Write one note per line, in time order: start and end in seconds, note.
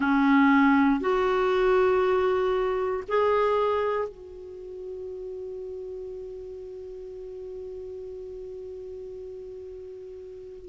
0.00 1.00 C#4
1.00 3.03 F#4
3.07 4.08 G#4
4.08 10.68 F#4